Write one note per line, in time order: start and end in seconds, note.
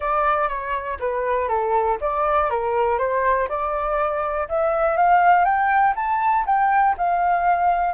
0.00 0.48 D5
0.48 0.98 C#5
0.99 1.48 B4
1.48 1.98 A4
2.00 2.50 D5
2.50 2.98 A#4
2.98 3.48 C5
3.48 4.47 D5
4.48 4.96 E5
4.96 5.44 F5
5.44 5.94 G5
5.95 6.45 A5
6.46 6.95 G5
6.97 7.94 F5